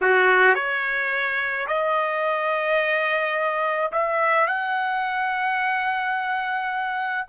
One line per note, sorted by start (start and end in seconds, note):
0.01 0.54 F#4
0.54 1.66 C#5
1.67 3.91 D#5
3.92 4.47 E5
4.47 7.27 F#5